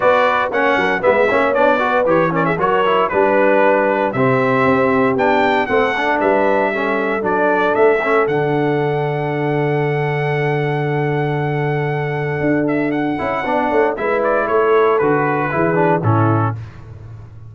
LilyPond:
<<
  \new Staff \with { instrumentName = "trumpet" } { \time 4/4 \tempo 4 = 116 d''4 fis''4 e''4 d''4 | cis''8 d''16 e''16 cis''4 b'2 | e''2 g''4 fis''4 | e''2 d''4 e''4 |
fis''1~ | fis''1~ | fis''8 e''8 fis''2 e''8 d''8 | cis''4 b'2 a'4 | }
  \new Staff \with { instrumentName = "horn" } { \time 4/4 b'4 cis''8 ais'8 b'8 cis''4 b'8~ | b'8 ais'16 gis'16 ais'4 b'2 | g'2. a'4 | b'4 a'2.~ |
a'1~ | a'1~ | a'2 d''8 cis''8 b'4 | a'2 gis'4 e'4 | }
  \new Staff \with { instrumentName = "trombone" } { \time 4/4 fis'4 cis'4 b8 cis'8 d'8 fis'8 | g'8 cis'8 fis'8 e'8 d'2 | c'2 d'4 c'8 d'8~ | d'4 cis'4 d'4. cis'8 |
d'1~ | d'1~ | d'4. e'8 d'4 e'4~ | e'4 fis'4 e'8 d'8 cis'4 | }
  \new Staff \with { instrumentName = "tuba" } { \time 4/4 b4 ais8 fis8 gis8 ais8 b4 | e4 fis4 g2 | c4 c'4 b4 a4 | g2 fis4 a4 |
d1~ | d1 | d'4. cis'8 b8 a8 gis4 | a4 d4 e4 a,4 | }
>>